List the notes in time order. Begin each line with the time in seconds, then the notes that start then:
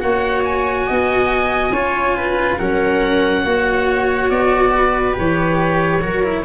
0.00 A#3 F#4 C#5 F#5
0.45 G#5
0.87 B3 D#5
1.70 C#4 F4 C#5
2.16 B4
2.58 F#3 C#4 A#4 F#5
3.44 A#3 F#4 C#5
4.30 B3 D5
4.76 B4
5.14 E3 G4 C#5
6.02 F#3 F#4 A#4
6.23 E4